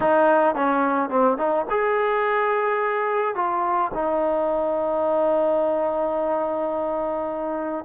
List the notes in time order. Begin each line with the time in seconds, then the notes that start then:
0.00 D#4
0.55 C#4
1.09 C4
1.37 D#4
1.69 G#4
3.35 F4
3.94 D#4